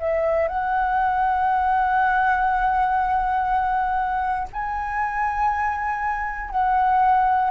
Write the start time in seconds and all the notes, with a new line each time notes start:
0.00 E5
0.49 F#5
4.53 G#5
6.51 F#5